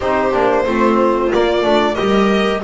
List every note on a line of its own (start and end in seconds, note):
0.00 0.32 C4
0.00 0.32 D#4
0.00 0.64 G4
0.00 1.32 C5
0.32 0.65 A#3
0.32 0.65 D4
0.66 1.31 A3
0.66 1.32 C4
0.66 1.96 F4
1.32 1.62 A#3
1.32 1.64 A#3
1.32 1.95 D5
1.62 1.97 A3
1.62 1.95 D4
1.95 2.63 G3
1.95 2.62 G4
1.95 2.62 A#4
1.95 2.60 D#5